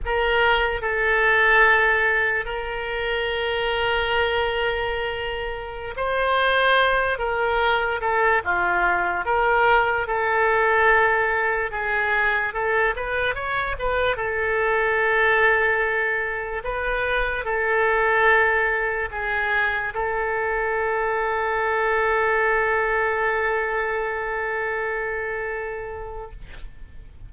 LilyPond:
\new Staff \with { instrumentName = "oboe" } { \time 4/4 \tempo 4 = 73 ais'4 a'2 ais'4~ | ais'2.~ ais'16 c''8.~ | c''8. ais'4 a'8 f'4 ais'8.~ | ais'16 a'2 gis'4 a'8 b'16~ |
b'16 cis''8 b'8 a'2~ a'8.~ | a'16 b'4 a'2 gis'8.~ | gis'16 a'2.~ a'8.~ | a'1 | }